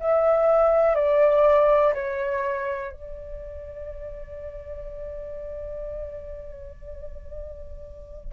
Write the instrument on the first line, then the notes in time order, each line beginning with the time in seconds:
flute
0.00 E5
0.96 D5
1.94 C#5
2.92 D5